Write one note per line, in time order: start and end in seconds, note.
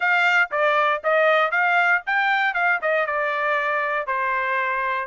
0.00 0.49 F5
0.51 1.02 D5
1.03 1.51 D#5
1.51 2.02 F5
2.06 2.54 G5
2.54 2.79 F5
2.81 3.06 D#5
3.06 4.07 D5
4.07 5.07 C5